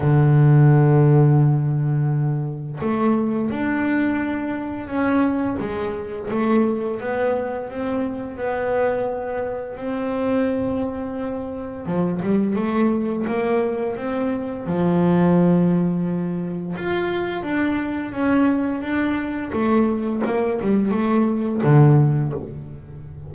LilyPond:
\new Staff \with { instrumentName = "double bass" } { \time 4/4 \tempo 4 = 86 d1 | a4 d'2 cis'4 | gis4 a4 b4 c'4 | b2 c'2~ |
c'4 f8 g8 a4 ais4 | c'4 f2. | f'4 d'4 cis'4 d'4 | a4 ais8 g8 a4 d4 | }